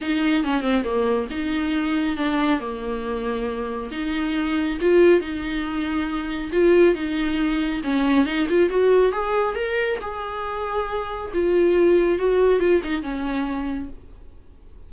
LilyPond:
\new Staff \with { instrumentName = "viola" } { \time 4/4 \tempo 4 = 138 dis'4 cis'8 c'8 ais4 dis'4~ | dis'4 d'4 ais2~ | ais4 dis'2 f'4 | dis'2. f'4 |
dis'2 cis'4 dis'8 f'8 | fis'4 gis'4 ais'4 gis'4~ | gis'2 f'2 | fis'4 f'8 dis'8 cis'2 | }